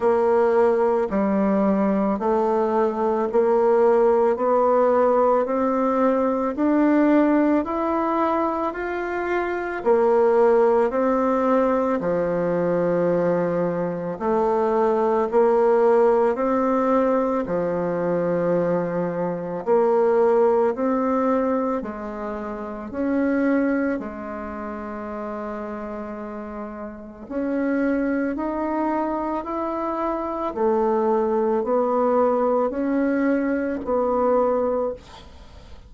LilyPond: \new Staff \with { instrumentName = "bassoon" } { \time 4/4 \tempo 4 = 55 ais4 g4 a4 ais4 | b4 c'4 d'4 e'4 | f'4 ais4 c'4 f4~ | f4 a4 ais4 c'4 |
f2 ais4 c'4 | gis4 cis'4 gis2~ | gis4 cis'4 dis'4 e'4 | a4 b4 cis'4 b4 | }